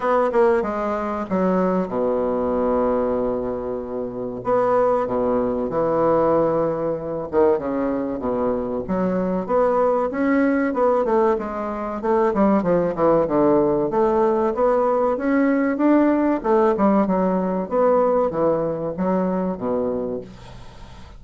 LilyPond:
\new Staff \with { instrumentName = "bassoon" } { \time 4/4 \tempo 4 = 95 b8 ais8 gis4 fis4 b,4~ | b,2. b4 | b,4 e2~ e8 dis8 | cis4 b,4 fis4 b4 |
cis'4 b8 a8 gis4 a8 g8 | f8 e8 d4 a4 b4 | cis'4 d'4 a8 g8 fis4 | b4 e4 fis4 b,4 | }